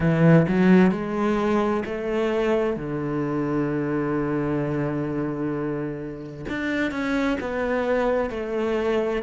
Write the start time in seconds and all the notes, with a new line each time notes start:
0.00 E3
0.48 F#3
0.91 G#3
1.85 A3
2.76 D3
6.49 D4
6.91 C#4
7.40 B3
8.30 A3